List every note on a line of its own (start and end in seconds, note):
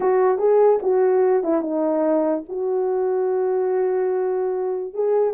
0.00 0.38 F#4
0.38 0.79 G#4
0.82 1.43 F#4
1.43 1.61 E4
1.61 2.43 D#4
2.48 4.93 F#4
4.93 5.33 G#4